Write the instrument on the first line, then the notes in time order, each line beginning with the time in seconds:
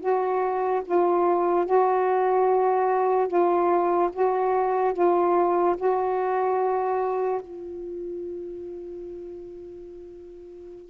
saxophone
0.00 F#4
0.85 F4
1.66 F#4
3.28 F4
4.13 F#4
4.94 F4
5.77 F#4
7.41 F4